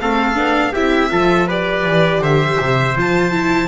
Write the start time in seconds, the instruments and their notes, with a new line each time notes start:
0.00 double bass A3, viola C4, trumpet A4, violin F5
0.35 double bass B3, viola D4
0.72 double bass C4, viola E4, trumpet G4, violin E5
1.10 double bass F3, viola F4, trumpet A4
1.47 viola G4, trumpet B4, violin D5
1.85 double bass E3
2.20 double bass D3, trumpet C5, violin E5
2.59 double bass C3
2.96 double bass F3, viola F4, violin A5
3.32 viola E4